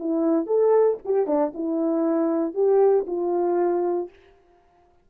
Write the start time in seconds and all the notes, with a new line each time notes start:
0.00 E4
0.47 A4
1.05 G4
1.27 D4
1.55 E4
2.55 G4
3.07 F4